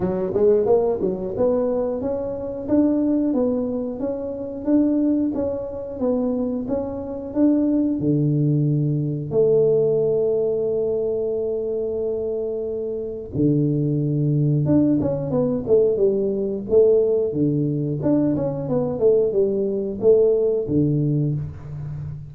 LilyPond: \new Staff \with { instrumentName = "tuba" } { \time 4/4 \tempo 4 = 90 fis8 gis8 ais8 fis8 b4 cis'4 | d'4 b4 cis'4 d'4 | cis'4 b4 cis'4 d'4 | d2 a2~ |
a1 | d2 d'8 cis'8 b8 a8 | g4 a4 d4 d'8 cis'8 | b8 a8 g4 a4 d4 | }